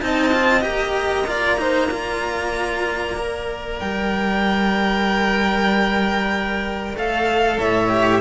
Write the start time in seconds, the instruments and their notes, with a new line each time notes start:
0.00 cello C4 D#4, violin D#5 A5
0.33 cello F4
0.61 cello A#3 G4, violin A#5
1.27 cello F4, violin D5
1.57 cello D#4, violin C5
1.91 cello F4, violin D5
3.17 cello A#4
3.79 cello G3, violin G5
6.95 cello A3 A4, violin F5
7.58 cello A2, violin C#5 E5
7.90 cello G4